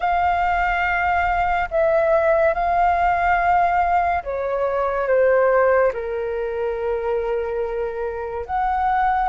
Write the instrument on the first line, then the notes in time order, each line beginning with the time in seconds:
flute
0.00 F5
1.70 E5
2.54 F5
4.23 C#5
5.07 C5
5.93 A#4
8.46 F#5